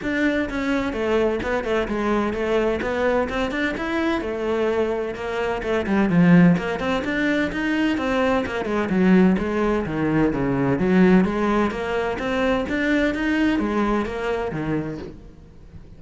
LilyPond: \new Staff \with { instrumentName = "cello" } { \time 4/4 \tempo 4 = 128 d'4 cis'4 a4 b8 a8 | gis4 a4 b4 c'8 d'8 | e'4 a2 ais4 | a8 g8 f4 ais8 c'8 d'4 |
dis'4 c'4 ais8 gis8 fis4 | gis4 dis4 cis4 fis4 | gis4 ais4 c'4 d'4 | dis'4 gis4 ais4 dis4 | }